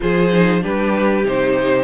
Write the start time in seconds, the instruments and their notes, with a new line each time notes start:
0.00 cello F3, viola F4, violin G#4 C5
0.31 viola D#4
0.61 cello G3, viola D4, violin G4 B4
1.24 cello C3, viola D#4, violin C5